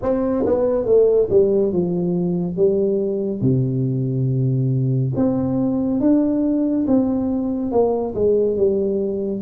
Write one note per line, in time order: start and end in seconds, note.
0.02 0.45 C4
0.46 0.85 B3
0.85 1.28 A3
1.29 1.72 G3
1.72 2.56 F3
2.56 3.41 G3
3.41 5.12 C3
5.15 6.00 C4
6.00 6.86 D4
6.87 7.71 C4
7.71 8.14 A#3
8.14 8.56 G#3
8.56 9.41 G3